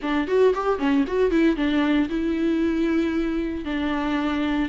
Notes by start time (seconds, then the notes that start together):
0.02 D4
0.27 F#4
0.54 G4
0.78 C#4
1.07 F#4
1.30 E4
1.56 D4
2.09 E4
3.64 D4